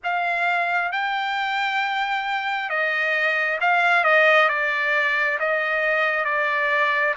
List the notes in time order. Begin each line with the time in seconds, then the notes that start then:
0.03 F5
0.92 G5
2.69 D#5
3.61 F5
4.03 D#5
4.49 D5
5.39 D#5
6.24 D5